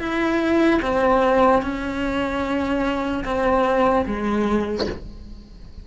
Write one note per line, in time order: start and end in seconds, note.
0.00 0.81 E4
0.83 1.63 C4
1.63 3.25 C#4
3.25 4.06 C4
4.06 4.87 G#3